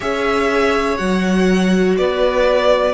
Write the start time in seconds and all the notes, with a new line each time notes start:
0.00 C#4 G#4 C#5 E5
0.97 F#3 F#4 F#5
1.97 B3 B4 D5